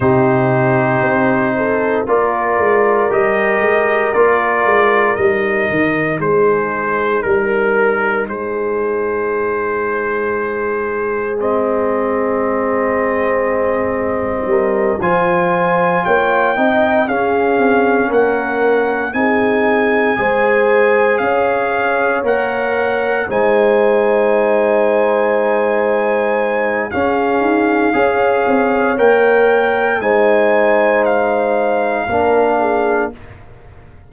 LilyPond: <<
  \new Staff \with { instrumentName = "trumpet" } { \time 4/4 \tempo 4 = 58 c''2 d''4 dis''4 | d''4 dis''4 c''4 ais'4 | c''2. dis''4~ | dis''2~ dis''8 gis''4 g''8~ |
g''8 f''4 fis''4 gis''4.~ | gis''8 f''4 fis''4 gis''4.~ | gis''2 f''2 | g''4 gis''4 f''2 | }
  \new Staff \with { instrumentName = "horn" } { \time 4/4 g'4. a'8 ais'2~ | ais'2 gis'4 ais'4 | gis'1~ | gis'2 ais'8 c''4 cis''8 |
dis''8 gis'4 ais'4 gis'4 c''8~ | c''8 cis''2 c''4.~ | c''2 gis'4 cis''4~ | cis''4 c''2 ais'8 gis'8 | }
  \new Staff \with { instrumentName = "trombone" } { \time 4/4 dis'2 f'4 g'4 | f'4 dis'2.~ | dis'2. c'4~ | c'2~ c'8 f'4. |
dis'8 cis'2 dis'4 gis'8~ | gis'4. ais'4 dis'4.~ | dis'2 cis'4 gis'4 | ais'4 dis'2 d'4 | }
  \new Staff \with { instrumentName = "tuba" } { \time 4/4 c4 c'4 ais8 gis8 g8 gis8 | ais8 gis8 g8 dis8 gis4 g4 | gis1~ | gis2 g8 f4 ais8 |
c'8 cis'8 c'8 ais4 c'4 gis8~ | gis8 cis'4 ais4 gis4.~ | gis2 cis'8 dis'8 cis'8 c'8 | ais4 gis2 ais4 | }
>>